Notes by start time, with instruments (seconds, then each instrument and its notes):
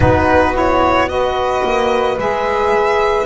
0.00 double bass B3, saxophone D#4, flute F#4, violin B4
0.53 saxophone E4, violin C#5
1.07 saxophone F#4, flute B4, violin D#5
1.62 double bass A#3
2.17 double bass G#3, saxophone G#4, violin E5